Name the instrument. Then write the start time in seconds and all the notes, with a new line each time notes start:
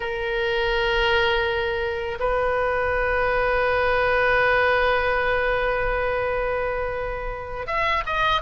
oboe
0.00 A#4
2.20 B4
7.67 E5
8.06 D#5